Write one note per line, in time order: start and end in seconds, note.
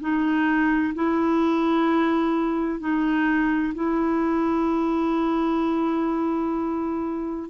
0.00 0.94 D#4
0.95 2.80 E4
2.80 3.74 D#4
3.75 7.50 E4